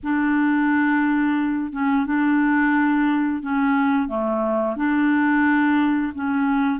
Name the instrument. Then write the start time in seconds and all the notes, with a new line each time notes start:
clarinet
0.03 D4
1.72 C#4
2.06 D4
3.42 C#4
4.08 A3
4.76 D4
6.14 C#4